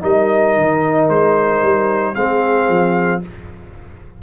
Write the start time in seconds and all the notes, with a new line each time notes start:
0.00 G3 D#4 A#4 D#5
0.56 D#3
1.08 G#3 C5
1.62 G3
2.13 G#3 C4 G#4 F5
2.69 F3